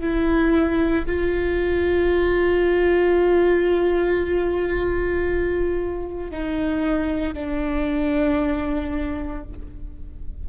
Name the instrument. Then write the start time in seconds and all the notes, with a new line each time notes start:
viola
0.00 E4
1.06 F4
6.31 D#4
7.33 D4